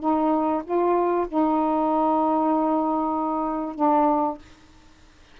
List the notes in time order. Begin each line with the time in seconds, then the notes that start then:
0.00 D#4
0.65 F4
1.28 D#4
3.76 D4